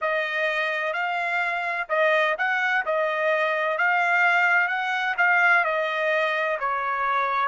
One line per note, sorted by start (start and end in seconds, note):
0.01 0.93 D#5
0.93 1.87 F5
1.88 2.35 D#5
2.37 2.84 F#5
2.85 3.78 D#5
3.78 4.67 F5
4.67 5.14 F#5
5.17 5.64 F5
5.64 6.58 D#5
6.59 7.48 C#5